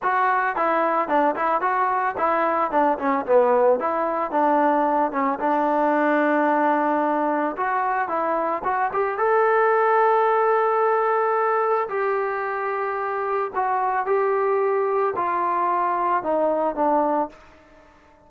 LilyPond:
\new Staff \with { instrumentName = "trombone" } { \time 4/4 \tempo 4 = 111 fis'4 e'4 d'8 e'8 fis'4 | e'4 d'8 cis'8 b4 e'4 | d'4. cis'8 d'2~ | d'2 fis'4 e'4 |
fis'8 g'8 a'2.~ | a'2 g'2~ | g'4 fis'4 g'2 | f'2 dis'4 d'4 | }